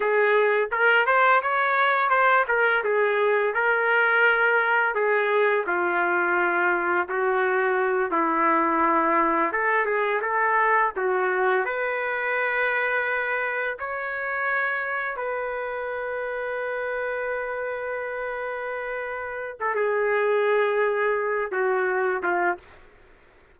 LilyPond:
\new Staff \with { instrumentName = "trumpet" } { \time 4/4 \tempo 4 = 85 gis'4 ais'8 c''8 cis''4 c''8 ais'8 | gis'4 ais'2 gis'4 | f'2 fis'4. e'8~ | e'4. a'8 gis'8 a'4 fis'8~ |
fis'8 b'2. cis''8~ | cis''4. b'2~ b'8~ | b'2.~ b'8. a'16 | gis'2~ gis'8 fis'4 f'8 | }